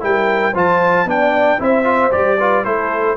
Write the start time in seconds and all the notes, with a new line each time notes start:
0.00 G3 E4 A#4 G5
0.53 F3 F4 C5 A5
1.05 B3 D4 D5 G5
1.59 C4 E4 C5 E5
1.84 F4
2.11 G3 G4 D5
2.38 F4 B4
2.64 A3 E4 A4 C5